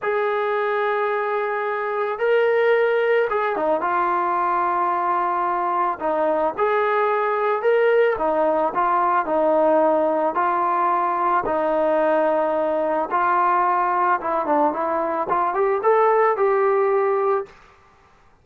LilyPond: \new Staff \with { instrumentName = "trombone" } { \time 4/4 \tempo 4 = 110 gis'1 | ais'2 gis'8 dis'8 f'4~ | f'2. dis'4 | gis'2 ais'4 dis'4 |
f'4 dis'2 f'4~ | f'4 dis'2. | f'2 e'8 d'8 e'4 | f'8 g'8 a'4 g'2 | }